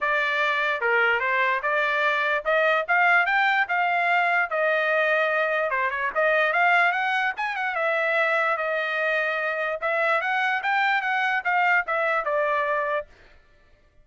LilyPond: \new Staff \with { instrumentName = "trumpet" } { \time 4/4 \tempo 4 = 147 d''2 ais'4 c''4 | d''2 dis''4 f''4 | g''4 f''2 dis''4~ | dis''2 c''8 cis''8 dis''4 |
f''4 fis''4 gis''8 fis''8 e''4~ | e''4 dis''2. | e''4 fis''4 g''4 fis''4 | f''4 e''4 d''2 | }